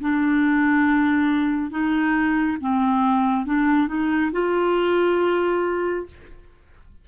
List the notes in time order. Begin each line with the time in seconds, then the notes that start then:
0.00 D4
1.70 D#4
2.60 C4
3.46 D4
3.87 D#4
4.32 F4